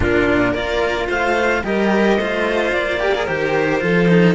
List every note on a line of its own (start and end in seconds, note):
0.00 0.54 A#2
0.00 0.55 D4
0.00 0.51 F4
0.00 0.53 A#4
0.51 1.08 A#3
0.51 1.64 F4
0.51 1.05 A#4
0.51 1.08 D5
1.08 1.63 A3
1.08 1.63 C5
1.08 1.64 F5
1.64 2.17 G3
1.64 2.18 G4
1.64 2.18 A#4
1.64 2.72 D#5
2.17 2.72 A3
2.17 2.99 F4
2.17 3.00 C5
2.72 3.27 A#3
2.72 3.26 D5
2.99 3.13 G4
2.99 3.82 A#4
3.14 3.27 G#4
3.26 3.82 D#3
3.26 3.79 G4
3.26 4.34 C5
3.79 4.34 F3
3.79 4.06 F4
3.79 4.34 A4
4.08 4.34 D#4